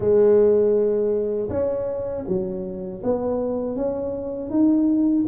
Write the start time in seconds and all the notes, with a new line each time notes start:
0.00 G#3
1.49 C#4
2.27 F#3
3.03 B3
3.76 C#4
4.50 D#4